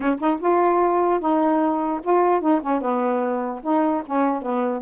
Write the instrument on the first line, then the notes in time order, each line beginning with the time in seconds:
saxophone
0.00 C#4
0.19 D#4
0.40 F4
1.20 D#4
2.03 F4
2.41 D#4
2.61 C#4
2.81 B3
3.63 D#4
4.05 C#4
4.41 B3